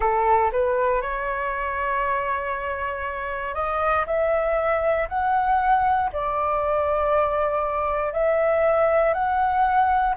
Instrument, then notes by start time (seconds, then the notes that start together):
flute
0.00 A4
0.52 B4
1.01 C#5
3.54 D#5
4.06 E5
5.08 F#5
6.12 D5
8.13 E5
9.13 F#5